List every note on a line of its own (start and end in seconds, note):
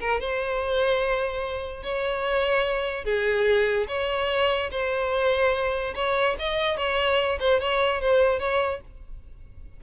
0.00 0.20 A#4
0.20 1.83 C5
1.83 3.04 C#5
3.04 3.87 G#4
3.88 4.70 C#5
4.71 5.94 C5
5.95 6.36 C#5
6.39 6.77 D#5
6.77 7.38 C#5
7.40 7.60 C5
7.60 8.01 C#5
8.01 8.39 C5
8.39 8.80 C#5